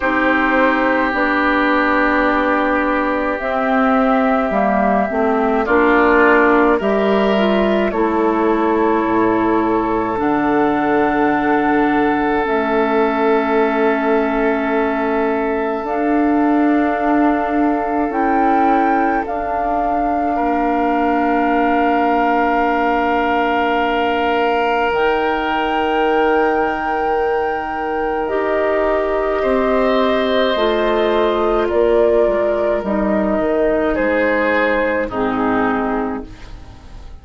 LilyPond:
<<
  \new Staff \with { instrumentName = "flute" } { \time 4/4 \tempo 4 = 53 c''4 d''2 e''4~ | e''4 d''4 e''4 cis''4~ | cis''4 fis''2 e''4~ | e''2 f''2 |
g''4 f''2.~ | f''2 g''2~ | g''4 dis''2. | d''4 dis''4 c''4 gis'4 | }
  \new Staff \with { instrumentName = "oboe" } { \time 4/4 g'1~ | g'4 f'4 ais'4 a'4~ | a'1~ | a'1~ |
a'2 ais'2~ | ais'1~ | ais'2 c''2 | ais'2 gis'4 dis'4 | }
  \new Staff \with { instrumentName = "clarinet" } { \time 4/4 dis'4 d'2 c'4 | ais8 c'8 d'4 g'8 f'8 e'4~ | e'4 d'2 cis'4~ | cis'2 d'2 |
e'4 d'2.~ | d'2 dis'2~ | dis'4 g'2 f'4~ | f'4 dis'2 c'4 | }
  \new Staff \with { instrumentName = "bassoon" } { \time 4/4 c'4 b2 c'4 | g8 a8 ais4 g4 a4 | a,4 d2 a4~ | a2 d'2 |
cis'4 d'4 ais2~ | ais2 dis2~ | dis4 dis'4 c'4 a4 | ais8 gis8 g8 dis8 gis4 gis,4 | }
>>